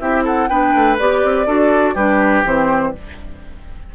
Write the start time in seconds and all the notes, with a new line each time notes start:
0.00 C4 E4 G4 E5
0.24 A4 F#5
0.49 B3 D4 B4 G5
0.75 A3
0.99 B3 G4 D5
1.24 C4
1.47 D4 F#4 A4
1.95 G3 D4 G4 B4
2.45 E3 C4 C5